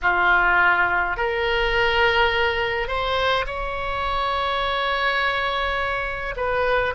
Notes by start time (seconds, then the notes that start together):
0.02 F4
1.16 A#4
2.87 C5
3.46 C#5
6.36 B4